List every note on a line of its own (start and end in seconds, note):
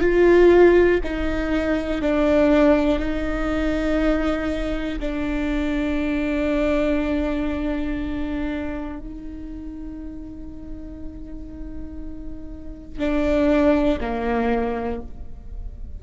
0.00 1.00 F4
1.03 2.01 D#4
2.01 2.99 D4
2.99 4.99 D#4
5.00 8.99 D4
8.99 12.98 D#4
12.98 13.98 D4
14.00 15.00 A#3